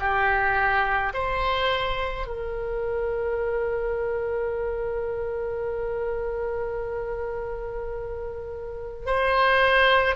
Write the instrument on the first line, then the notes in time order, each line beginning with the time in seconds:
oboe
0.00 G4
1.14 C5
2.27 A#4
9.06 C5